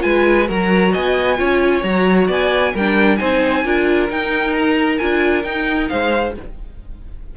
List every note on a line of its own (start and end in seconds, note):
0.00 0.50 G#3
0.00 0.45 F4
0.00 0.49 B4
0.00 0.48 G#5
0.49 0.95 F#3
0.49 1.37 F#4
0.49 0.92 A#4
0.49 0.94 A#5
0.92 1.40 B3
0.92 1.38 D#5
0.92 1.83 G#5
1.37 1.84 C#4
1.37 1.82 F4
1.37 2.28 C#5
1.83 2.29 F#3
1.83 2.75 F#4
1.83 2.28 A#5
2.28 2.74 B3
2.28 2.73 D5
2.28 2.77 G#5
2.74 3.20 G3
2.74 3.19 D4
2.74 3.19 A#4
2.74 3.17 G5
3.17 3.65 C4
3.17 3.64 D#4
3.17 3.65 C5
3.17 4.07 G#5
3.65 4.10 D4
3.65 4.10 F4
3.65 5.91 A#4
4.10 5.00 D#4
4.10 4.54 G5
4.54 4.99 A#5
4.99 5.44 D4
4.99 5.44 F4
4.99 5.44 G#5
5.44 6.34 D#4
5.44 5.89 D#4
5.44 5.89 G5
5.90 6.38 G#3
5.90 6.36 C5
5.90 6.35 F5